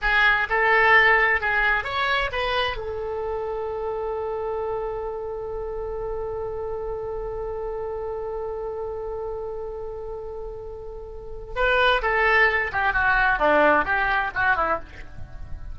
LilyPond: \new Staff \with { instrumentName = "oboe" } { \time 4/4 \tempo 4 = 130 gis'4 a'2 gis'4 | cis''4 b'4 a'2~ | a'1~ | a'1~ |
a'1~ | a'1~ | a'4 b'4 a'4. g'8 | fis'4 d'4 g'4 fis'8 e'8 | }